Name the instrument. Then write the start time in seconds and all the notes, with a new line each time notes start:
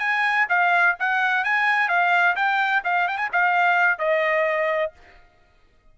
trumpet
0.00 G#5
0.49 F5
1.00 F#5
1.45 G#5
1.89 F5
2.36 G5
2.85 F5
3.08 G5
3.18 G#5
3.33 F5
3.99 D#5